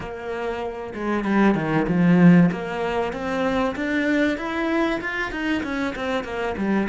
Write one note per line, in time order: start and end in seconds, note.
0.00 0.93 A#3
0.94 1.24 G#3
1.24 1.55 G3
1.55 1.86 D#3
1.88 2.50 F3
2.51 3.12 A#3
3.12 3.75 C4
3.75 4.37 D4
4.37 5.00 E4
5.00 5.31 F4
5.31 5.62 D#4
5.62 5.94 C#4
5.95 6.24 C4
6.24 6.55 A#3
6.57 6.88 G3